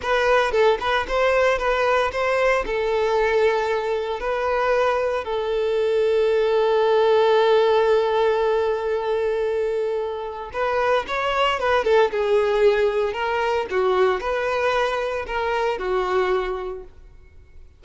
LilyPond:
\new Staff \with { instrumentName = "violin" } { \time 4/4 \tempo 4 = 114 b'4 a'8 b'8 c''4 b'4 | c''4 a'2. | b'2 a'2~ | a'1~ |
a'1 | b'4 cis''4 b'8 a'8 gis'4~ | gis'4 ais'4 fis'4 b'4~ | b'4 ais'4 fis'2 | }